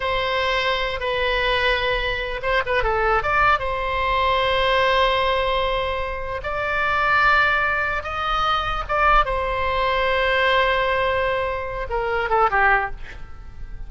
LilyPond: \new Staff \with { instrumentName = "oboe" } { \time 4/4 \tempo 4 = 149 c''2~ c''8 b'4.~ | b'2 c''8 b'8 a'4 | d''4 c''2.~ | c''1 |
d''1 | dis''2 d''4 c''4~ | c''1~ | c''4. ais'4 a'8 g'4 | }